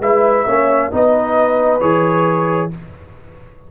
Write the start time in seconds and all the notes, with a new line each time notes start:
0.00 G#3 E4 B4 E5
0.47 A#3 C#4 C#5
0.91 B3 D#4 B4 D#5
1.81 E3 G#4 C#5